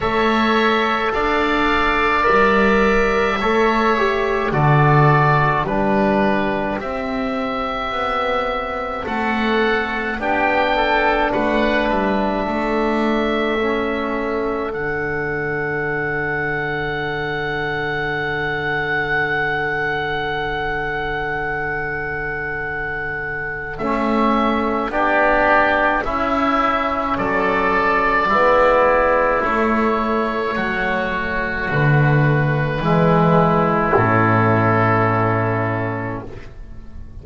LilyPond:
<<
  \new Staff \with { instrumentName = "oboe" } { \time 4/4 \tempo 4 = 53 e''4 f''4 e''2 | d''4 b'4 e''2 | fis''4 g''4 fis''8 e''4.~ | e''4 fis''2.~ |
fis''1~ | fis''4 e''4 d''4 e''4 | d''2 cis''2 | b'2 a'2 | }
  \new Staff \with { instrumentName = "oboe" } { \time 4/4 cis''4 d''2 cis''4 | a'4 g'2. | a'4 g'8 a'8 b'4 a'4~ | a'1~ |
a'1~ | a'2 g'4 e'4 | a'4 e'2 fis'4~ | fis'4 e'2. | }
  \new Staff \with { instrumentName = "trombone" } { \time 4/4 a'2 ais'4 a'8 g'8 | fis'4 d'4 c'2~ | c'4 d'2. | cis'4 d'2.~ |
d'1~ | d'4 cis'4 d'4 cis'4~ | cis'4 b4 a2~ | a4 gis4 cis'2 | }
  \new Staff \with { instrumentName = "double bass" } { \time 4/4 a4 d'4 g4 a4 | d4 g4 c'4 b4 | a4 b4 a8 g8 a4~ | a4 d2.~ |
d1~ | d4 a4 b4 cis'4 | fis4 gis4 a4 fis4 | d4 e4 a,2 | }
>>